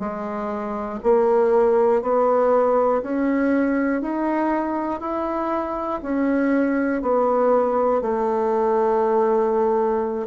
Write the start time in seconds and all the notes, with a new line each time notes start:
0.00 G#3
1.04 A#3
2.02 B3
3.03 C#4
4.02 D#4
5.01 E4
6.03 C#4
7.02 B3
8.02 A3